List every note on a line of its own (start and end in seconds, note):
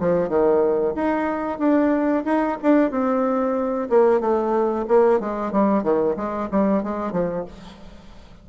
0.00 0.29 F3
0.29 0.94 D#3
0.95 1.59 D#4
1.59 2.24 D4
2.25 2.58 D#4
2.63 2.91 D4
2.91 3.89 C4
3.90 4.21 A#3
4.21 4.86 A3
4.88 5.20 A#3
5.20 5.52 G#3
5.52 5.83 G3
5.83 6.16 D#3
6.17 6.49 G#3
6.51 6.84 G3
6.84 7.12 G#3
7.12 7.45 F3